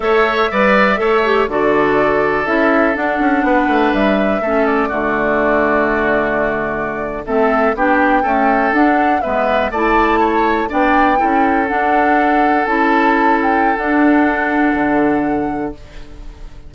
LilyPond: <<
  \new Staff \with { instrumentName = "flute" } { \time 4/4 \tempo 4 = 122 e''2. d''4~ | d''4 e''4 fis''2 | e''4. d''2~ d''8~ | d''2~ d''8. e''4 g''16~ |
g''4.~ g''16 fis''4 e''4 a''16~ | a''4.~ a''16 g''2 fis''16~ | fis''4.~ fis''16 a''4. g''8. | fis''1 | }
  \new Staff \with { instrumentName = "oboe" } { \time 4/4 cis''4 d''4 cis''4 a'4~ | a'2. b'4~ | b'4 a'4 fis'2~ | fis'2~ fis'8. a'4 g'16~ |
g'8. a'2 b'4 d''16~ | d''8. cis''4 d''4 a'4~ a'16~ | a'1~ | a'1 | }
  \new Staff \with { instrumentName = "clarinet" } { \time 4/4 a'4 b'4 a'8 g'8 fis'4~ | fis'4 e'4 d'2~ | d'4 cis'4 a2~ | a2~ a8. c'4 d'16~ |
d'8. a4 d'4 b4 e'16~ | e'4.~ e'16 d'4 e'4 d'16~ | d'4.~ d'16 e'2~ e'16 | d'1 | }
  \new Staff \with { instrumentName = "bassoon" } { \time 4/4 a4 g4 a4 d4~ | d4 cis'4 d'8 cis'8 b8 a8 | g4 a4 d2~ | d2~ d8. a4 b16~ |
b8. cis'4 d'4 gis4 a16~ | a4.~ a16 b4 cis'4 d'16~ | d'4.~ d'16 cis'2~ cis'16 | d'2 d2 | }
>>